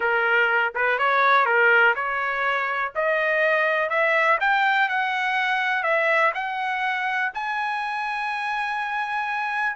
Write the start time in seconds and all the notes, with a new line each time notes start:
0.00 A#4
0.75 B4
0.98 C#5
1.45 A#4
1.95 C#5
2.95 D#5
3.89 E5
4.40 G5
4.88 F#5
5.83 E5
6.34 F#5
7.33 G#5